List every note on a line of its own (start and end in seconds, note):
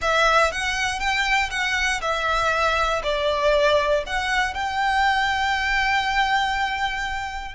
0.01 0.52 E5
0.52 0.99 F#5
0.99 1.50 G5
1.50 2.00 F#5
2.01 3.02 E5
3.03 4.04 D5
4.06 4.54 F#5
4.54 7.54 G5